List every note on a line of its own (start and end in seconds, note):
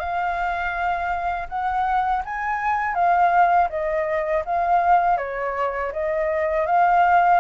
0.00 1.48 F5
1.49 2.23 F#5
2.25 2.95 G#5
2.95 3.69 F5
3.70 4.44 D#5
4.45 5.18 F5
5.18 5.92 C#5
5.92 6.66 D#5
6.66 7.40 F5